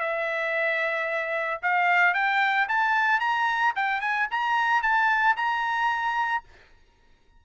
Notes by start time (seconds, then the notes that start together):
0.00 E5
1.62 F5
2.14 G5
2.68 A5
3.20 A#5
3.75 G5
4.01 G#5
4.31 A#5
4.82 A5
5.36 A#5